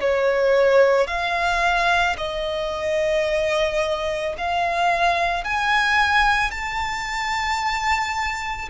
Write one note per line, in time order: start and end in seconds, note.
0.00 1.07 C#5
1.07 2.16 F5
2.17 4.35 D#5
4.37 5.44 F5
5.44 6.51 G#5
6.51 8.69 A5